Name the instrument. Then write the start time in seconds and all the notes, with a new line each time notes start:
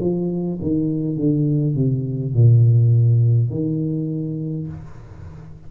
tuba
0.00 F3
0.61 D#3
1.16 D3
1.75 C3
2.34 A#2
3.50 D#3